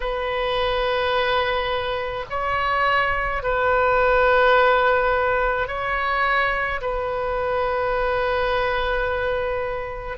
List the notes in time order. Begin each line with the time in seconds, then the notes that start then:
0.00 B4
2.30 C#5
3.43 B4
5.67 C#5
6.81 B4